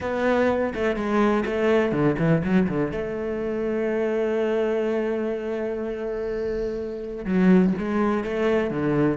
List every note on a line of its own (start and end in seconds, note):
0.00 0.73 B3
0.74 0.95 A3
0.95 1.44 G#3
1.45 1.91 A3
1.91 2.16 D3
2.18 2.42 E3
2.43 2.68 F#3
2.68 2.91 D3
2.91 7.25 A3
7.25 7.73 F#3
7.78 8.24 G#3
8.24 8.70 A3
8.70 9.17 D3